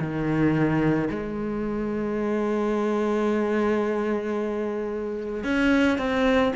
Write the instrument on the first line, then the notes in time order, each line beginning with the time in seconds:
cello
0.00 D#3
1.11 G#3
5.44 C#4
5.99 C4